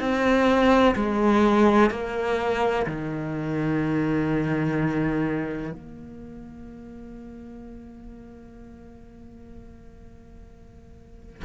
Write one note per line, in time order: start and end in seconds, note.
0.00 0.95 C4
0.96 1.91 G#3
1.91 2.86 A#3
2.87 5.72 D#3
5.72 11.44 A#3